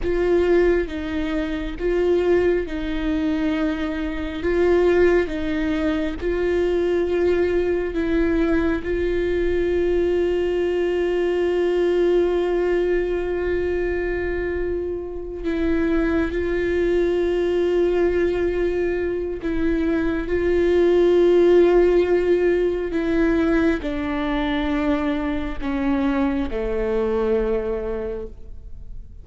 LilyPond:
\new Staff \with { instrumentName = "viola" } { \time 4/4 \tempo 4 = 68 f'4 dis'4 f'4 dis'4~ | dis'4 f'4 dis'4 f'4~ | f'4 e'4 f'2~ | f'1~ |
f'4. e'4 f'4.~ | f'2 e'4 f'4~ | f'2 e'4 d'4~ | d'4 cis'4 a2 | }